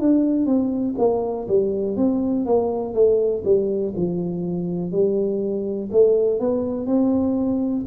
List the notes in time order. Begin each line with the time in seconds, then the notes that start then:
0.00 D4
0.46 C4
0.98 A#3
1.48 G3
1.97 C4
2.46 A#3
2.95 A3
3.45 G3
3.96 F3
4.92 G3
5.92 A3
6.40 B3
6.87 C4